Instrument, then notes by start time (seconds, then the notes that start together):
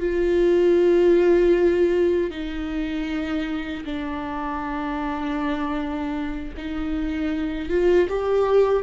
viola
0.00 F4
2.30 D#4
3.85 D4
6.57 D#4
7.69 F4
8.09 G4